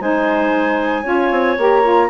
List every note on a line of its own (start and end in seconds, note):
0.00 1.04 G#3
0.00 1.04 D#4
0.00 1.03 C5
0.00 1.59 G#5
1.03 1.31 C#4
1.03 1.56 F4
1.03 2.08 C#5
1.31 1.57 C4
1.58 2.10 A#3
1.58 1.83 G4
1.58 2.10 A#5
1.83 2.09 F4